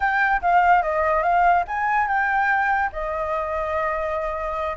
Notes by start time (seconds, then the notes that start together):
0.00 G5
0.41 F5
0.82 D#5
1.22 F5
1.67 G#5
2.07 G5
2.92 D#5